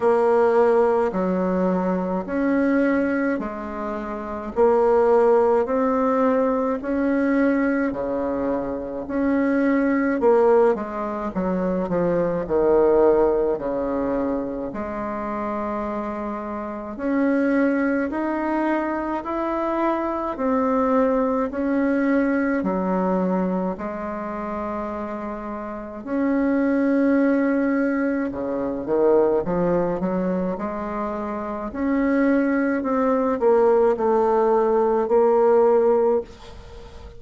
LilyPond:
\new Staff \with { instrumentName = "bassoon" } { \time 4/4 \tempo 4 = 53 ais4 fis4 cis'4 gis4 | ais4 c'4 cis'4 cis4 | cis'4 ais8 gis8 fis8 f8 dis4 | cis4 gis2 cis'4 |
dis'4 e'4 c'4 cis'4 | fis4 gis2 cis'4~ | cis'4 cis8 dis8 f8 fis8 gis4 | cis'4 c'8 ais8 a4 ais4 | }